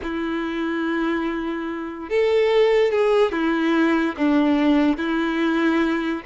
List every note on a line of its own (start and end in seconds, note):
0.02 2.09 E4
2.09 2.91 A4
2.91 3.31 G#4
3.31 4.15 E4
4.17 4.97 D4
4.97 6.22 E4